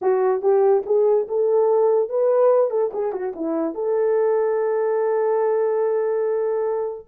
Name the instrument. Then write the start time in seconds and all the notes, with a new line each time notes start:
horn
0.01 F#4
0.41 G4
0.86 G#4
1.28 A4
2.09 B4
2.70 A4
2.93 G#4
3.12 F#4
3.35 E4
3.74 A4